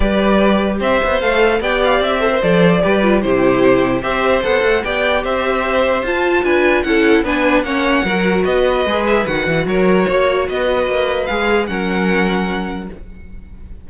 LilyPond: <<
  \new Staff \with { instrumentName = "violin" } { \time 4/4 \tempo 4 = 149 d''2 e''4 f''4 | g''8 f''8 e''4 d''2 | c''2 e''4 fis''4 | g''4 e''2 a''4 |
gis''4 fis''4 gis''4 fis''4~ | fis''4 dis''4. e''8 fis''4 | cis''2 dis''2 | f''4 fis''2. | }
  \new Staff \with { instrumentName = "violin" } { \time 4/4 b'2 c''2 | d''4. c''4. b'4 | g'2 c''2 | d''4 c''2. |
b'4 a'4 b'4 cis''4 | ais'4 b'2. | ais'4 cis''4 b'2~ | b'4 ais'2. | }
  \new Staff \with { instrumentName = "viola" } { \time 4/4 g'2. a'4 | g'4. a'16 ais'16 a'4 g'8 f'8 | e'2 g'4 a'4 | g'2. f'4~ |
f'4 e'4 d'4 cis'4 | fis'2 gis'4 fis'4~ | fis'1 | gis'4 cis'2. | }
  \new Staff \with { instrumentName = "cello" } { \time 4/4 g2 c'8 b8 a4 | b4 c'4 f4 g4 | c2 c'4 b8 a8 | b4 c'2 f'4 |
d'4 cis'4 b4 ais4 | fis4 b4 gis4 dis8 e8 | fis4 ais4 b4 ais4 | gis4 fis2. | }
>>